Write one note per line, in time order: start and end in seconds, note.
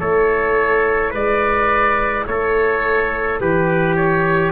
0.00 1.14 A3
0.00 4.53 E4
0.00 1.11 A4
0.00 1.13 C#5
1.11 2.27 G#3
1.11 2.24 B4
1.11 2.27 D5
2.27 3.41 A3
2.27 3.42 A4
2.27 3.40 C#5
3.41 4.53 E3
3.41 4.53 G4
3.41 3.96 B4
3.96 4.53 C#5